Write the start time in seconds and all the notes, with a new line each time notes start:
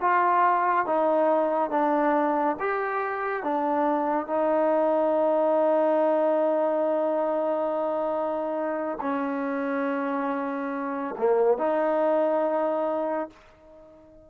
0.00 F4
0.86 D#4
1.70 D4
2.59 G4
3.43 D4
4.27 D#4
9.00 C#4
11.17 A#3
11.58 D#4